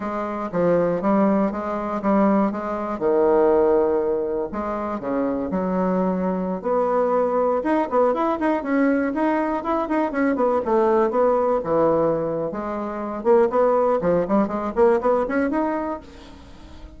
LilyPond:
\new Staff \with { instrumentName = "bassoon" } { \time 4/4 \tempo 4 = 120 gis4 f4 g4 gis4 | g4 gis4 dis2~ | dis4 gis4 cis4 fis4~ | fis4~ fis16 b2 dis'8 b16~ |
b16 e'8 dis'8 cis'4 dis'4 e'8 dis'16~ | dis'16 cis'8 b8 a4 b4 e8.~ | e4 gis4. ais8 b4 | f8 g8 gis8 ais8 b8 cis'8 dis'4 | }